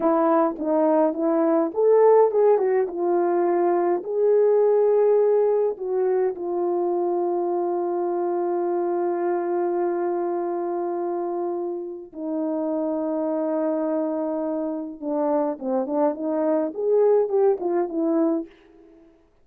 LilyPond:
\new Staff \with { instrumentName = "horn" } { \time 4/4 \tempo 4 = 104 e'4 dis'4 e'4 a'4 | gis'8 fis'8 f'2 gis'4~ | gis'2 fis'4 f'4~ | f'1~ |
f'1~ | f'4 dis'2.~ | dis'2 d'4 c'8 d'8 | dis'4 gis'4 g'8 f'8 e'4 | }